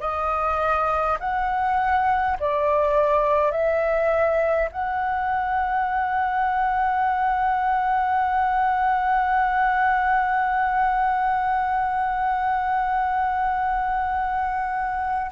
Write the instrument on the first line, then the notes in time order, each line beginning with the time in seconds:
flute
0.00 D#5
1.20 F#5
2.40 D5
3.51 E5
4.72 F#5